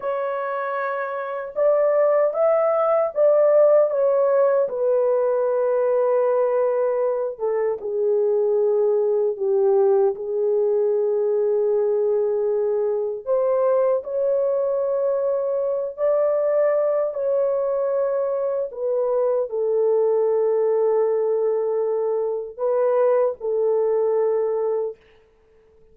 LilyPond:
\new Staff \with { instrumentName = "horn" } { \time 4/4 \tempo 4 = 77 cis''2 d''4 e''4 | d''4 cis''4 b'2~ | b'4. a'8 gis'2 | g'4 gis'2.~ |
gis'4 c''4 cis''2~ | cis''8 d''4. cis''2 | b'4 a'2.~ | a'4 b'4 a'2 | }